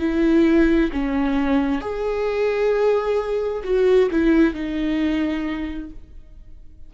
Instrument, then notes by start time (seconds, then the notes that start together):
viola
0.00 E4
0.93 C#4
1.81 G#4
3.64 F#4
4.12 E4
4.54 D#4